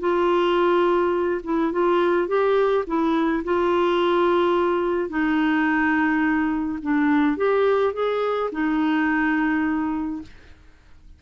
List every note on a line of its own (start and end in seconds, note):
0.00 1.42 F4
1.44 1.72 E4
1.72 2.28 F4
2.28 2.85 G4
2.87 3.44 E4
3.45 5.09 F4
5.09 6.79 D#4
6.82 7.37 D4
7.37 7.94 G4
7.94 8.50 G#4
8.52 10.22 D#4